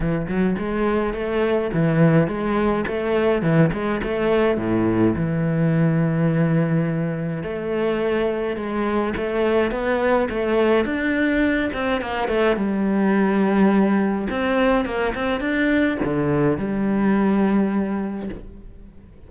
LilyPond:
\new Staff \with { instrumentName = "cello" } { \time 4/4 \tempo 4 = 105 e8 fis8 gis4 a4 e4 | gis4 a4 e8 gis8 a4 | a,4 e2.~ | e4 a2 gis4 |
a4 b4 a4 d'4~ | d'8 c'8 ais8 a8 g2~ | g4 c'4 ais8 c'8 d'4 | d4 g2. | }